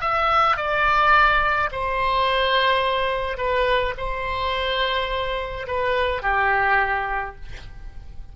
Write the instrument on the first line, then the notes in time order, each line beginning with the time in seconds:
oboe
0.00 E5
0.57 D5
1.72 C5
3.37 B4
3.97 C5
5.67 B4
6.22 G4